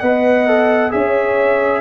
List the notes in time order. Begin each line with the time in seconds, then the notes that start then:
0.00 B3 B4 D#5 F#5
0.48 A4
0.91 C#4 G#4 C#5 E5